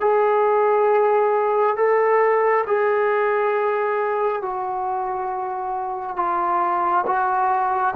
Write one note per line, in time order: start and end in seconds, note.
0.00 1.76 G#4
1.76 2.65 A4
2.67 4.42 G#4
4.42 6.16 F#4
6.16 7.04 F4
7.06 7.95 F#4